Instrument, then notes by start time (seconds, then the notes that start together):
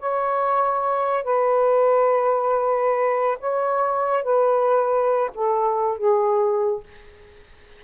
saxophone
0.00 C#5
1.24 B4
3.40 C#5
4.24 B4
5.35 A4
5.98 G#4